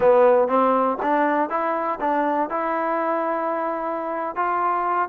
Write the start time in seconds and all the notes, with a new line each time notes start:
0.00 B3
0.48 C4
1.02 D4
1.49 E4
2.00 D4
2.49 E4
4.35 F4